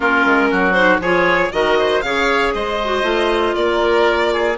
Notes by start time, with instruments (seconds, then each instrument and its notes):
0.00 bassoon A#3, clarinet C#4, oboe F4, violin A#4
0.25 bassoon G#3
0.51 bassoon F#3, oboe F#4
0.72 clarinet D#4, violin C5
0.99 bassoon F3, clarinet F4, oboe G#4, violin C#5
1.51 bassoon D#3, clarinet F#4, oboe A#4, violin D#5
1.78 oboe C5
2.01 bassoon C#3, clarinet G#4, oboe C#5, violin F5
2.54 bassoon G#3, oboe C5, violin D#5
2.84 clarinet F#4
3.02 bassoon A3, clarinet F4
3.54 bassoon A#3, oboe A#4, violin D5
4.33 oboe G#4